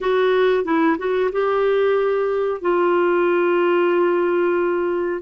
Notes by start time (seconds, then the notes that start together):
0.00 F#4
0.64 E4
0.98 F#4
1.32 G4
2.61 F4